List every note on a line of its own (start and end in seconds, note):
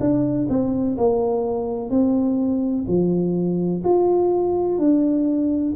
0.00 0.48 D4
0.49 0.97 C4
0.97 1.90 A#3
1.90 2.85 C4
2.87 3.82 F3
3.84 4.78 F4
4.78 5.73 D4